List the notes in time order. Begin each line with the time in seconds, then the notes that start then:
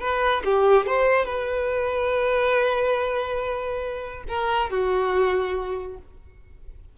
0.00 B4
0.44 G4
0.86 C5
1.25 B4
4.28 A#4
4.70 F#4